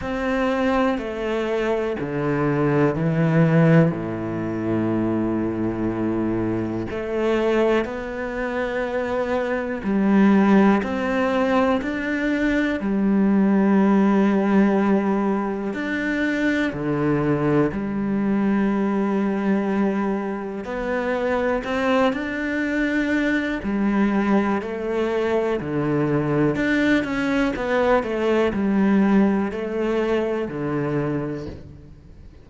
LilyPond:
\new Staff \with { instrumentName = "cello" } { \time 4/4 \tempo 4 = 61 c'4 a4 d4 e4 | a,2. a4 | b2 g4 c'4 | d'4 g2. |
d'4 d4 g2~ | g4 b4 c'8 d'4. | g4 a4 d4 d'8 cis'8 | b8 a8 g4 a4 d4 | }